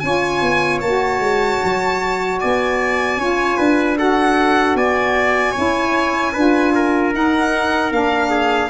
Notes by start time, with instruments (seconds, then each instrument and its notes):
0.00 tuba C#4, saxophone F4, trumpet C#5, violin G#5
0.42 tuba B3
0.81 tuba A#3, saxophone F#4, violin A5
1.20 tuba G#3
1.64 tuba F#3
2.40 tuba B3, trumpet D5, violin G#5
3.17 tuba C#4, saxophone F4, trumpet C#5
3.58 tuba D4, trumpet B4
3.97 saxophone F#4, trumpet A4, violin F#5
4.75 tuba B3, trumpet D5, violin G#5
5.52 tuba C#4, saxophone E4, trumpet C#5
6.33 tuba D4, saxophone F4, trumpet B4
6.75 trumpet A#4
7.13 saxophone D#4, tuba D#4, violin F#5
7.92 tuba A#3, saxophone D4, violin F5
8.30 trumpet G#4